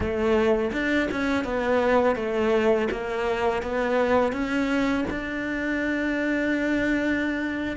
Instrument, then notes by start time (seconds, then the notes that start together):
cello
0.00 A3
0.72 D4
1.11 C#4
1.44 B3
2.15 A3
2.91 A#3
3.62 B3
4.32 C#4
5.10 D4